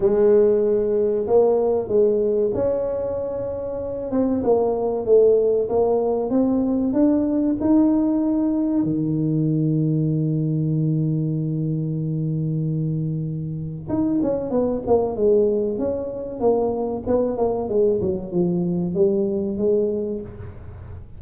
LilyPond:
\new Staff \with { instrumentName = "tuba" } { \time 4/4 \tempo 4 = 95 gis2 ais4 gis4 | cis'2~ cis'8 c'8 ais4 | a4 ais4 c'4 d'4 | dis'2 dis2~ |
dis1~ | dis2 dis'8 cis'8 b8 ais8 | gis4 cis'4 ais4 b8 ais8 | gis8 fis8 f4 g4 gis4 | }